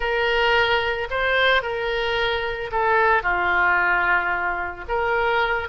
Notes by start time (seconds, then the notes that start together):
0.00 A#4
1.10 C5
1.62 A#4
2.71 A4
3.22 F4
4.88 A#4